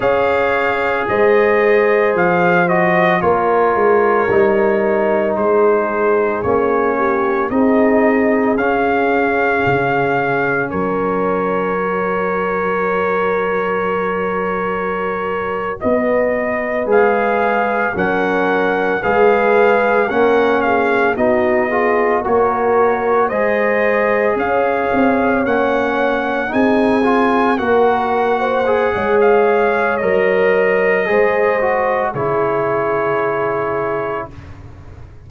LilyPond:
<<
  \new Staff \with { instrumentName = "trumpet" } { \time 4/4 \tempo 4 = 56 f''4 dis''4 f''8 dis''8 cis''4~ | cis''4 c''4 cis''4 dis''4 | f''2 cis''2~ | cis''2~ cis''8. dis''4 f''16~ |
f''8. fis''4 f''4 fis''8 f''8 dis''16~ | dis''8. cis''4 dis''4 f''4 fis''16~ | fis''8. gis''4 fis''4. f''8. | dis''2 cis''2 | }
  \new Staff \with { instrumentName = "horn" } { \time 4/4 cis''4 c''2 ais'4~ | ais'4 gis'4. g'8 gis'4~ | gis'2 ais'2~ | ais'2~ ais'8. b'4~ b'16~ |
b'8. ais'4 b'4 ais'8 gis'8 fis'16~ | fis'16 gis'8 ais'4 c''4 cis''4~ cis''16~ | cis''8. gis'4 ais'8. c''8 cis''4~ | cis''4 c''4 gis'2 | }
  \new Staff \with { instrumentName = "trombone" } { \time 4/4 gis'2~ gis'8 fis'8 f'4 | dis'2 cis'4 dis'4 | cis'2. fis'4~ | fis'2.~ fis'8. gis'16~ |
gis'8. cis'4 gis'4 cis'4 dis'16~ | dis'16 f'8 fis'4 gis'2 cis'16~ | cis'8. dis'8 f'8 fis'4 gis'4~ gis'16 | ais'4 gis'8 fis'8 e'2 | }
  \new Staff \with { instrumentName = "tuba" } { \time 4/4 cis'4 gis4 f4 ais8 gis8 | g4 gis4 ais4 c'4 | cis'4 cis4 fis2~ | fis2~ fis8. b4 gis16~ |
gis8. fis4 gis4 ais4 b16~ | b8. ais4 gis4 cis'8 c'8 ais16~ | ais8. c'4 ais4~ ais16 gis4 | fis4 gis4 cis2 | }
>>